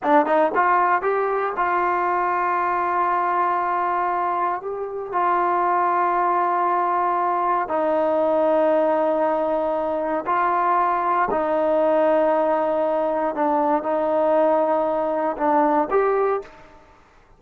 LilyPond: \new Staff \with { instrumentName = "trombone" } { \time 4/4 \tempo 4 = 117 d'8 dis'8 f'4 g'4 f'4~ | f'1~ | f'4 g'4 f'2~ | f'2. dis'4~ |
dis'1 | f'2 dis'2~ | dis'2 d'4 dis'4~ | dis'2 d'4 g'4 | }